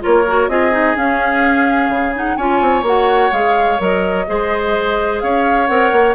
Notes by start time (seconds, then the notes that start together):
0.00 F4 A#4 C#5
0.06 A#3
0.27 F#4
0.48 C4 F4 G#4 D#5
0.72 D#4
0.95 C#4 F5
1.89 C#3
2.14 D#4 F#5
2.37 C#4 F4 C#5 G#5
2.61 C4
2.82 A#3 F#4 F#5
3.32 G#3 G#4 F5
3.78 F#3 A#4 D#5
4.27 G#3 G#4 C5
5.20 C#4 C#5 F5
5.67 C4 A#4 F#5
5.92 A#3